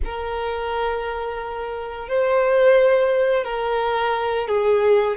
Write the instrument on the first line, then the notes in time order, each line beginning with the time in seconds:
violin
0.04 A#4
2.08 C5
3.44 A#4
4.48 G#4